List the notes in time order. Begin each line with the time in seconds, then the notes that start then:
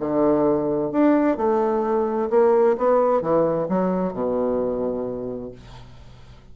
0.00 D3
0.92 D4
1.37 A3
2.30 A#3
2.78 B3
3.22 E3
3.69 F#3
4.13 B2